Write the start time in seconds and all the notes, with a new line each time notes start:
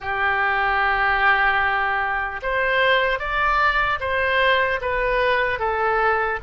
0.00 G4
2.42 C5
3.19 D5
4.00 C5
4.81 B4
5.59 A4